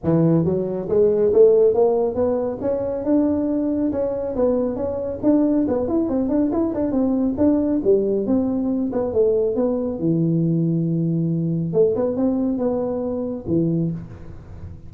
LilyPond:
\new Staff \with { instrumentName = "tuba" } { \time 4/4 \tempo 4 = 138 e4 fis4 gis4 a4 | ais4 b4 cis'4 d'4~ | d'4 cis'4 b4 cis'4 | d'4 b8 e'8 c'8 d'8 e'8 d'8 |
c'4 d'4 g4 c'4~ | c'8 b8 a4 b4 e4~ | e2. a8 b8 | c'4 b2 e4 | }